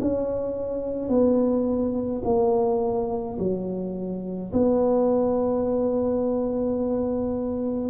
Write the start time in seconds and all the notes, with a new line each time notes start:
0.00 C#4
1.09 B3
2.24 A#3
3.39 F#3
4.52 B3